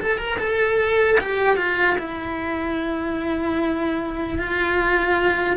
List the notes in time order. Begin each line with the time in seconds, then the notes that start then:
0.00 A4
0.18 A#4
0.39 A4
1.20 G4
1.56 F4
1.99 E4
4.39 F4